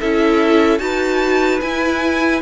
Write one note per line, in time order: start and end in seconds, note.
0.00 0.79 C#4
0.00 0.78 E4
0.00 0.81 A4
0.00 0.79 E5
0.78 1.60 D#4
0.78 1.59 F#4
0.78 2.41 B4
0.78 1.60 A5
1.60 2.41 E4
1.60 2.41 G#5